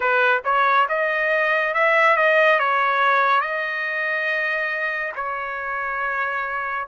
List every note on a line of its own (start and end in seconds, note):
0.00 0.41 B4
0.44 0.87 C#5
0.88 1.74 D#5
1.74 2.16 E5
2.16 2.59 D#5
2.59 3.41 C#5
3.41 5.12 D#5
5.15 6.87 C#5